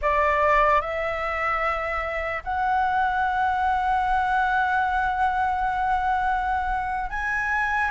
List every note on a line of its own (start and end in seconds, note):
0.01 0.81 D5
0.81 2.43 E5
2.44 7.10 F#5
7.10 7.91 G#5